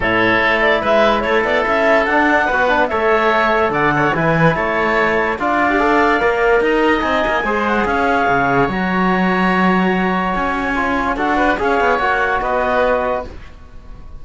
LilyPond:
<<
  \new Staff \with { instrumentName = "clarinet" } { \time 4/4 \tempo 4 = 145 cis''4. d''8 e''4 cis''8 d''8 | e''4 fis''2 e''4~ | e''4 fis''4 gis''4 a''4~ | a''4 f''2. |
ais''4 gis''4. fis''8 f''4~ | f''4 ais''2.~ | ais''4 gis''2 fis''4 | f''4 fis''4 dis''2 | }
  \new Staff \with { instrumentName = "oboe" } { \time 4/4 a'2 b'4 a'4~ | a'2 b'4 cis''4~ | cis''4 d''8 cis''8 b'4 cis''4~ | cis''4 d''2. |
dis''2 c''4 cis''4~ | cis''1~ | cis''2. a'8 b'8 | cis''2 b'2 | }
  \new Staff \with { instrumentName = "trombone" } { \time 4/4 e'1~ | e'4 d'4 fis'8 d'8 a'4~ | a'2 e'2~ | e'4 f'8. g'16 a'4 ais'4~ |
ais'4 dis'4 gis'2~ | gis'4 fis'2.~ | fis'2 f'4 fis'4 | gis'4 fis'2. | }
  \new Staff \with { instrumentName = "cello" } { \time 4/4 a,4 a4 gis4 a8 b8 | cis'4 d'4 b4 a4~ | a4 d4 e4 a4~ | a4 d'2 ais4 |
dis'4 c'8 ais8 gis4 cis'4 | cis4 fis2.~ | fis4 cis'2 d'4 | cis'8 b8 ais4 b2 | }
>>